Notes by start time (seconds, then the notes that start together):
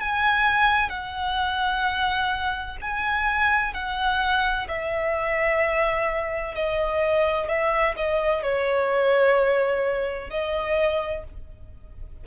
0.00 G#5
0.90 F#5
2.81 G#5
3.74 F#5
4.68 E5
6.55 D#5
7.48 E5
7.96 D#5
8.43 C#5
10.30 D#5